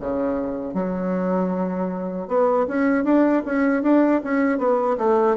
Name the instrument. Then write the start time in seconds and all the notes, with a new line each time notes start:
bassoon
0.00 C#3
0.74 F#3
2.27 B3
2.67 C#4
3.04 D4
3.45 C#4
3.82 D4
4.24 C#4
4.58 B3
4.98 A3